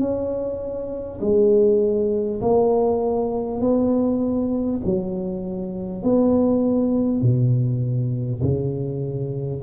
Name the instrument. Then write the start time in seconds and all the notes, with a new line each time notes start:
tuba
0.00 C#4
1.21 G#3
2.42 A#3
3.61 B3
4.85 F#3
6.03 B3
7.22 B2
8.43 C#3